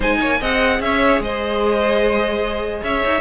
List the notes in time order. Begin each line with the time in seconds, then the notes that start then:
0.00 G#3 D#4 C5 G#5
0.20 A#3 C#5
0.39 C4 G#4 D#5 F#5
0.79 C#4 C#5 E5
1.20 G#3 C5 D#5
2.82 C#4 C#5 E5
3.04 D#4